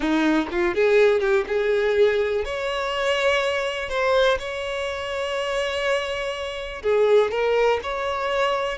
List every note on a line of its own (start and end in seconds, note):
0.00 0.47 D#4
0.51 0.75 F4
0.75 1.20 G#4
1.20 1.44 G4
1.47 2.45 G#4
2.45 3.89 C#5
3.89 4.37 C5
4.38 6.82 C#5
6.82 7.31 G#4
7.31 7.80 A#4
7.82 8.78 C#5